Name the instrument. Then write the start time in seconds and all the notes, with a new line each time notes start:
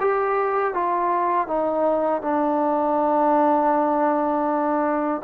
trombone
0.00 G4
0.74 F4
1.47 D#4
2.22 D4